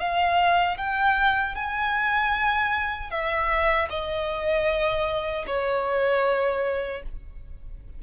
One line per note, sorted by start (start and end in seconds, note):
0.00 0.78 F5
0.78 1.55 G5
1.55 3.11 G#5
3.11 3.89 E5
3.90 5.45 D#5
5.47 7.03 C#5